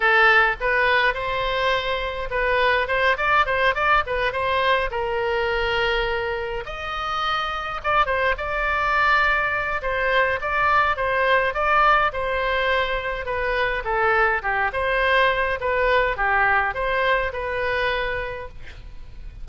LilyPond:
\new Staff \with { instrumentName = "oboe" } { \time 4/4 \tempo 4 = 104 a'4 b'4 c''2 | b'4 c''8 d''8 c''8 d''8 b'8 c''8~ | c''8 ais'2. dis''8~ | dis''4. d''8 c''8 d''4.~ |
d''4 c''4 d''4 c''4 | d''4 c''2 b'4 | a'4 g'8 c''4. b'4 | g'4 c''4 b'2 | }